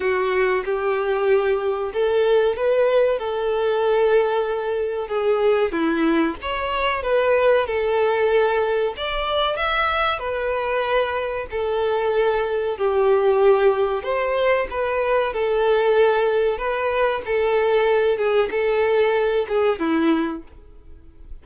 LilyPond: \new Staff \with { instrumentName = "violin" } { \time 4/4 \tempo 4 = 94 fis'4 g'2 a'4 | b'4 a'2. | gis'4 e'4 cis''4 b'4 | a'2 d''4 e''4 |
b'2 a'2 | g'2 c''4 b'4 | a'2 b'4 a'4~ | a'8 gis'8 a'4. gis'8 e'4 | }